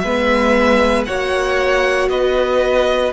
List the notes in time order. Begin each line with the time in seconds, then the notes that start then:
0.00 G#3 B3 B4 E5
1.06 A#3 F#4 C#5 F#5
2.09 B3 B4 D#5